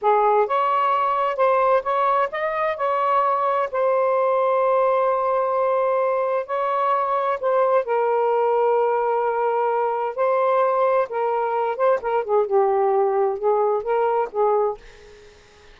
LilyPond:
\new Staff \with { instrumentName = "saxophone" } { \time 4/4 \tempo 4 = 130 gis'4 cis''2 c''4 | cis''4 dis''4 cis''2 | c''1~ | c''2 cis''2 |
c''4 ais'2.~ | ais'2 c''2 | ais'4. c''8 ais'8 gis'8 g'4~ | g'4 gis'4 ais'4 gis'4 | }